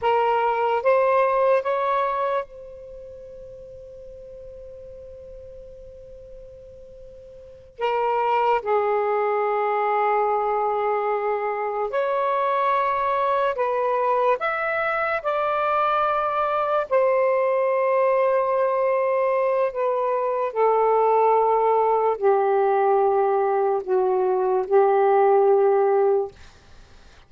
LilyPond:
\new Staff \with { instrumentName = "saxophone" } { \time 4/4 \tempo 4 = 73 ais'4 c''4 cis''4 c''4~ | c''1~ | c''4. ais'4 gis'4.~ | gis'2~ gis'8 cis''4.~ |
cis''8 b'4 e''4 d''4.~ | d''8 c''2.~ c''8 | b'4 a'2 g'4~ | g'4 fis'4 g'2 | }